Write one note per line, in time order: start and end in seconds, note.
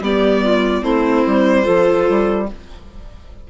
0.00 0.82 G3
0.00 0.82 B3
0.00 0.43 G4
0.00 0.83 D5
0.43 0.81 F4
0.81 1.23 A3
0.81 1.63 C4
0.81 1.63 E4
0.81 2.48 C5
1.26 1.67 G3
1.63 2.08 F3
1.63 2.45 F4
1.63 2.45 A4
2.09 2.50 G3